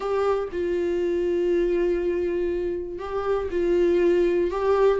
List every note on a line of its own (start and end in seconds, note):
0.00 0.48 G4
0.52 2.98 F4
2.98 3.48 G4
3.50 4.50 F4
4.50 5.00 G4